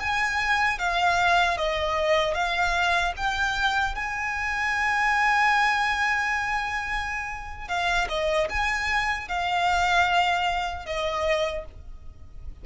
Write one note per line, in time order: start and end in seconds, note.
0.00 0.79 G#5
0.79 1.58 F5
1.58 2.34 D#5
2.34 3.13 F5
3.17 3.95 G5
3.95 7.68 G#5
7.68 8.08 F5
8.09 8.48 D#5
8.49 9.28 G#5
9.28 10.86 F5
10.86 11.65 D#5